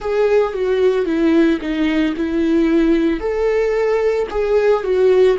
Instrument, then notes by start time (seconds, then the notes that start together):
viola
0.00 G#4
0.53 F#4
1.05 E4
1.60 D#4
2.16 E4
3.19 A4
4.30 G#4
4.83 F#4